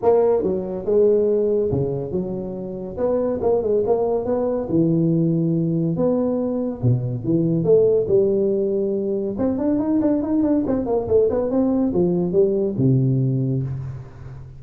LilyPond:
\new Staff \with { instrumentName = "tuba" } { \time 4/4 \tempo 4 = 141 ais4 fis4 gis2 | cis4 fis2 b4 | ais8 gis8 ais4 b4 e4~ | e2 b2 |
b,4 e4 a4 g4~ | g2 c'8 d'8 dis'8 d'8 | dis'8 d'8 c'8 ais8 a8 b8 c'4 | f4 g4 c2 | }